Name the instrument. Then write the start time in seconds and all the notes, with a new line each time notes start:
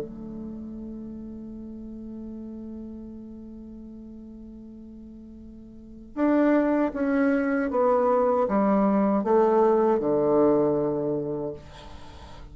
bassoon
0.00 A3
6.14 D4
6.93 C#4
7.70 B3
8.48 G3
9.23 A3
9.99 D3